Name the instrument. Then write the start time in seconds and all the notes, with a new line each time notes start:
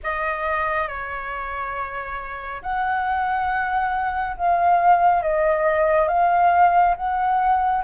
flute
0.03 D#5
0.87 C#5
2.62 F#5
4.36 F5
5.22 D#5
6.08 F5
6.96 F#5